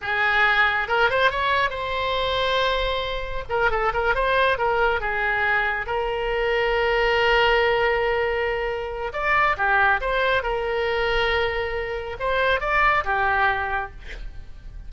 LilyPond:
\new Staff \with { instrumentName = "oboe" } { \time 4/4 \tempo 4 = 138 gis'2 ais'8 c''8 cis''4 | c''1 | ais'8 a'8 ais'8 c''4 ais'4 gis'8~ | gis'4. ais'2~ ais'8~ |
ais'1~ | ais'4 d''4 g'4 c''4 | ais'1 | c''4 d''4 g'2 | }